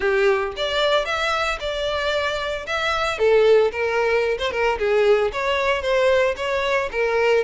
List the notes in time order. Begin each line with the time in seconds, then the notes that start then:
0.00 G4
0.56 D5
1.05 E5
1.60 D5
2.66 E5
3.18 A4
3.71 A#4
4.38 C5
4.51 A#4
4.78 G#4
5.32 C#5
5.81 C5
6.36 C#5
6.91 A#4